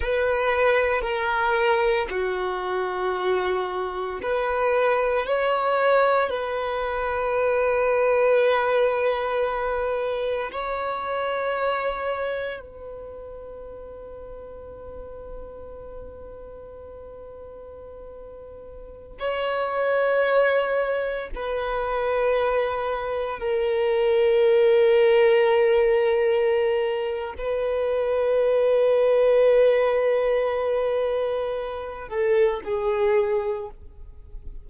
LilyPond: \new Staff \with { instrumentName = "violin" } { \time 4/4 \tempo 4 = 57 b'4 ais'4 fis'2 | b'4 cis''4 b'2~ | b'2 cis''2 | b'1~ |
b'2~ b'16 cis''4.~ cis''16~ | cis''16 b'2 ais'4.~ ais'16~ | ais'2 b'2~ | b'2~ b'8 a'8 gis'4 | }